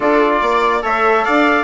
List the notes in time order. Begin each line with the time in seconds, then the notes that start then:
0.00 D4 F4 A4 D5
0.41 A#3 D5
0.82 A3 A4 C#5 E5
1.24 D4 D5 F5